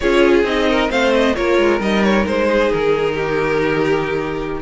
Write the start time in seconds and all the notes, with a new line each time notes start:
0.00 C#4 F4 G#4 C#5
0.43 C4 D#4 D#5
0.69 A#4
0.89 A3 C4 C5 F5
1.13 D#5
1.35 A#3 F4 A#4 C#5
1.57 G#3
1.80 G3 D#4 D#5
2.03 C#5
2.25 G#3 C5
2.46 G#4
2.72 D#3 A#4
3.14 G4